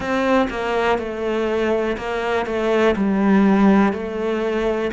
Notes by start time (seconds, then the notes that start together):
0.00 C4
0.50 A#3
0.98 A3
1.97 A#3
2.45 A3
2.96 G3
3.92 A3